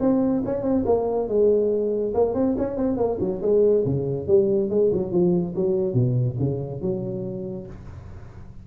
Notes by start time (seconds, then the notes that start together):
0.00 C4
0.45 C#4
0.63 C4
0.86 A#3
1.28 G#3
2.14 A#3
2.34 C4
2.58 C#4
2.77 C4
2.97 A#3
3.20 F#3
3.41 G#3
3.85 C#3
4.27 G3
4.70 G#3
4.92 F#3
5.12 F3
5.55 F#3
5.94 B2
6.39 C#3
6.81 F#3